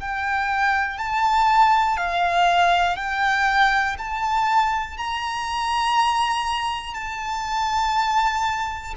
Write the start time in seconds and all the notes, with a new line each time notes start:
0.00 G5
0.98 A5
1.97 F5
2.96 G5
3.98 A5
4.97 A#5
6.94 A5